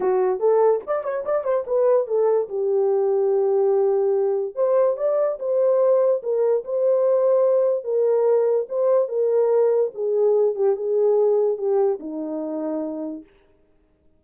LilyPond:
\new Staff \with { instrumentName = "horn" } { \time 4/4 \tempo 4 = 145 fis'4 a'4 d''8 cis''8 d''8 c''8 | b'4 a'4 g'2~ | g'2. c''4 | d''4 c''2 ais'4 |
c''2. ais'4~ | ais'4 c''4 ais'2 | gis'4. g'8 gis'2 | g'4 dis'2. | }